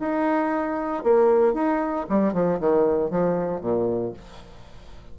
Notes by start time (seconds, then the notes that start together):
0.00 D#4
1.04 A#3
1.54 D#4
2.09 G3
2.33 F3
2.60 D#3
3.10 F3
3.61 A#2